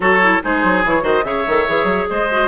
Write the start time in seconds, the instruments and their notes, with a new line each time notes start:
0.00 bassoon F#3, clarinet F#4, oboe A4, flute C#5
0.22 clarinet E4
0.42 bassoon G#3, clarinet D#4, oboe G#4, flute C5
0.63 bassoon F#3
0.85 bassoon E3, clarinet E4, flute C#5
1.01 bassoon D#3, clarinet F#4, oboe C5, flute D#5
1.24 bassoon C#3, clarinet G#4, oboe C#5, flute E5
1.47 bassoon D#3, clarinet A4
1.67 bassoon E3, clarinet G#4
1.84 bassoon F#3
2.09 bassoon G#3, oboe C5, flute D#5
2.30 clarinet F#4